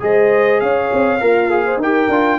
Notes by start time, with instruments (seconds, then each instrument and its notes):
0.00 tuba G#3, trombone G#4, horn C5, trumpet D#5
0.60 tuba C#4, horn C#5, trumpet F5
0.93 tuba C4
1.20 tuba A#3, horn F4, trombone A#4
1.50 trombone G#4
1.65 horn C5
1.77 tuba D#4, trombone G4, horn A#4, trumpet G5
2.09 tuba D4, trombone F4